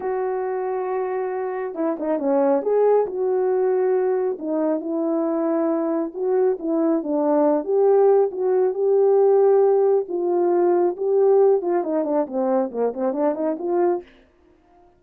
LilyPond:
\new Staff \with { instrumentName = "horn" } { \time 4/4 \tempo 4 = 137 fis'1 | e'8 dis'8 cis'4 gis'4 fis'4~ | fis'2 dis'4 e'4~ | e'2 fis'4 e'4 |
d'4. g'4. fis'4 | g'2. f'4~ | f'4 g'4. f'8 dis'8 d'8 | c'4 ais8 c'8 d'8 dis'8 f'4 | }